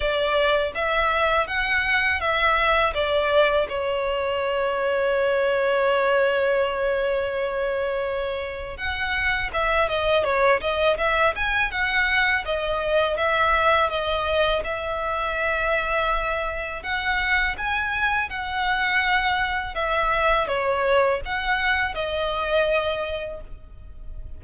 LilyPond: \new Staff \with { instrumentName = "violin" } { \time 4/4 \tempo 4 = 82 d''4 e''4 fis''4 e''4 | d''4 cis''2.~ | cis''1 | fis''4 e''8 dis''8 cis''8 dis''8 e''8 gis''8 |
fis''4 dis''4 e''4 dis''4 | e''2. fis''4 | gis''4 fis''2 e''4 | cis''4 fis''4 dis''2 | }